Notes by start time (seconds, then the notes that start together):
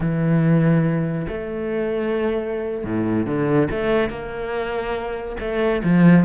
0.00 E3
1.28 A3
2.84 A2
3.26 D3
3.70 A3
4.09 A#3
5.40 A3
5.83 F3